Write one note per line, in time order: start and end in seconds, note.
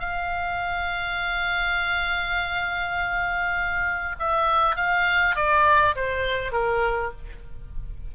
0.00 4.16 F5
4.19 4.76 E5
4.76 5.36 F5
5.36 5.95 D5
5.96 6.52 C5
6.52 7.12 A#4